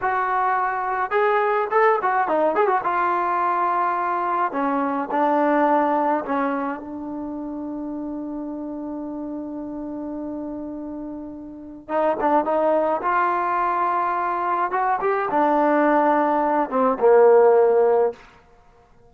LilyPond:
\new Staff \with { instrumentName = "trombone" } { \time 4/4 \tempo 4 = 106 fis'2 gis'4 a'8 fis'8 | dis'8 gis'16 fis'16 f'2. | cis'4 d'2 cis'4 | d'1~ |
d'1~ | d'4 dis'8 d'8 dis'4 f'4~ | f'2 fis'8 g'8 d'4~ | d'4. c'8 ais2 | }